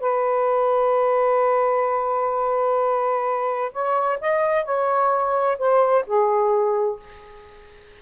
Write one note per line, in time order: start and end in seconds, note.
0.00 3.72 B4
3.72 4.19 C#5
4.21 4.65 D#5
4.65 5.58 C#5
5.59 6.05 C5
6.06 6.99 G#4